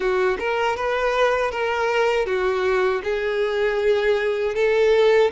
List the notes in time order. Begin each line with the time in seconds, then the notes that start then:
0.00 F#4
0.39 A#4
0.76 B4
1.51 A#4
2.26 F#4
3.03 G#4
4.55 A4